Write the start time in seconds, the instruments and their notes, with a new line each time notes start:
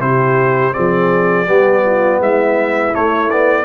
0.00 tuba C3, trombone E4, horn G4, trumpet C5
0.73 tuba F3, trombone C4, horn G#4, trumpet D5
1.47 tuba G3, trombone B3, horn G4
1.86 horn F4
2.20 tuba G#3, horn E4, trumpet E5
2.93 trombone A3, tuba A3, trumpet C#5
3.30 trombone B3, trumpet D5